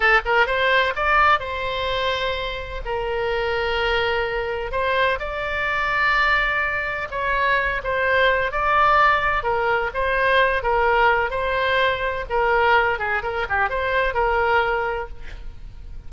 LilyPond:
\new Staff \with { instrumentName = "oboe" } { \time 4/4 \tempo 4 = 127 a'8 ais'8 c''4 d''4 c''4~ | c''2 ais'2~ | ais'2 c''4 d''4~ | d''2. cis''4~ |
cis''8 c''4. d''2 | ais'4 c''4. ais'4. | c''2 ais'4. gis'8 | ais'8 g'8 c''4 ais'2 | }